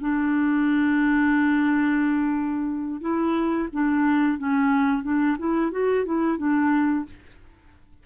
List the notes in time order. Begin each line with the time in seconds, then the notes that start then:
0.00 D4
3.01 E4
3.72 D4
4.38 C#4
5.03 D4
5.38 E4
5.71 F#4
6.05 E4
6.37 D4